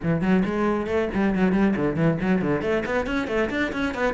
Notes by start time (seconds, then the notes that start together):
0.02 E3
0.21 F#3
0.45 G#3
0.86 A3
1.14 G3
1.35 F#3
1.52 G3
1.76 D3
1.95 E3
2.20 F#3
2.41 D3
2.61 A3
2.85 B3
3.06 C#4
3.27 A3
3.50 D4
3.72 C#4
3.94 B3